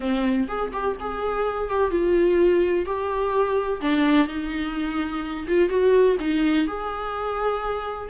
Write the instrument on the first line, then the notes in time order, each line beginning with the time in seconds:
viola
0.00 C4
0.48 G#4
0.73 G4
0.99 G#4
1.69 G4
1.90 F4
2.85 G4
3.81 D4
4.27 D#4
5.47 F4
5.69 F#4
6.19 D#4
6.67 G#4